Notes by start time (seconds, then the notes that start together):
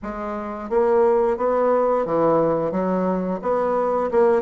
0.02 G#3
0.69 A#3
1.37 B3
2.05 E3
2.71 F#3
3.42 B3
4.11 A#3